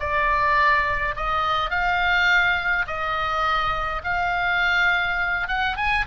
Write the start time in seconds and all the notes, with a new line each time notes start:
0.00 D5
1.17 D#5
1.71 F5
2.87 D#5
4.04 F5
5.48 F#5
5.77 G#5